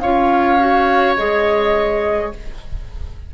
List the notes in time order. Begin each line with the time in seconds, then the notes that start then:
0.00 C#4 F4 C#5 F5
0.59 F#4
1.16 G#3 G#4 D#5